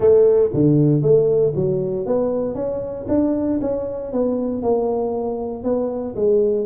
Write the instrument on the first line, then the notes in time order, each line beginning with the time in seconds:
tuba
0.00 A3
0.53 D3
1.02 A3
1.55 F#3
2.05 B3
2.55 C#4
3.08 D4
3.61 C#4
4.12 B3
4.62 A#3
5.63 B3
6.15 G#3